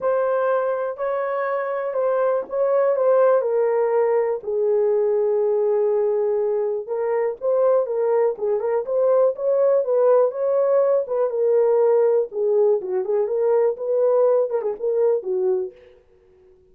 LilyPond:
\new Staff \with { instrumentName = "horn" } { \time 4/4 \tempo 4 = 122 c''2 cis''2 | c''4 cis''4 c''4 ais'4~ | ais'4 gis'2.~ | gis'2 ais'4 c''4 |
ais'4 gis'8 ais'8 c''4 cis''4 | b'4 cis''4. b'8 ais'4~ | ais'4 gis'4 fis'8 gis'8 ais'4 | b'4. ais'16 gis'16 ais'4 fis'4 | }